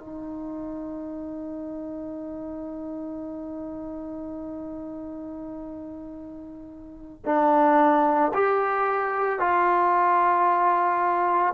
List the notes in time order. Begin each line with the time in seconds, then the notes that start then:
0.00 D#4
7.25 D4
8.34 G4
9.39 F4